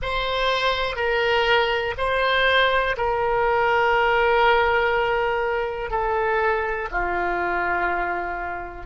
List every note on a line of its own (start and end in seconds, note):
0.01 0.96 C5
0.96 1.94 A#4
1.97 2.96 C5
2.97 5.90 A#4
5.90 6.89 A4
6.91 8.86 F4